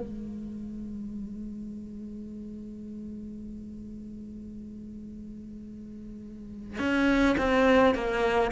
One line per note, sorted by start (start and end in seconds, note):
0.00 6.79 G#3
6.79 7.35 C#4
7.37 7.94 C4
7.94 8.51 A#3